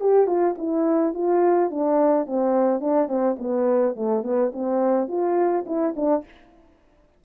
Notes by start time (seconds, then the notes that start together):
0.00 G4
0.27 F4
0.58 E4
1.13 F4
1.70 D4
2.26 C4
2.80 D4
3.07 C4
3.39 B3
3.95 A3
4.23 B3
4.52 C4
5.08 F4
5.66 E4
5.96 D4